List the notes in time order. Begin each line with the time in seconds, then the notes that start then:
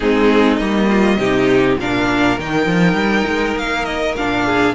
0.00 G#3 C4 D#4 G#4
0.56 G3 A#3 D#5
0.87 F4
1.17 C3 D#4 G4
1.79 A#2 D4 A#4 F5
2.38 D#3 D#4 G5
2.66 F3
2.93 G3
3.27 G#3
3.56 A#3 F5
3.85 D#5
4.16 A#2 D4 F5
4.45 G#4